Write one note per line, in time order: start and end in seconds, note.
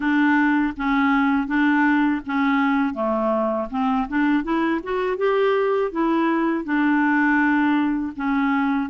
0.00 0.73 D4
0.76 1.47 C#4
1.47 2.21 D4
2.26 2.94 C#4
2.94 3.68 A3
3.70 4.07 C4
4.08 4.43 D4
4.43 4.80 E4
4.83 5.17 F#4
5.17 5.91 G4
5.91 6.64 E4
6.64 8.12 D4
8.15 8.90 C#4